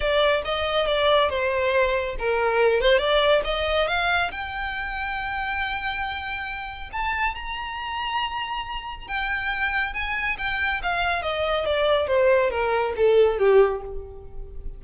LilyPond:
\new Staff \with { instrumentName = "violin" } { \time 4/4 \tempo 4 = 139 d''4 dis''4 d''4 c''4~ | c''4 ais'4. c''8 d''4 | dis''4 f''4 g''2~ | g''1 |
a''4 ais''2.~ | ais''4 g''2 gis''4 | g''4 f''4 dis''4 d''4 | c''4 ais'4 a'4 g'4 | }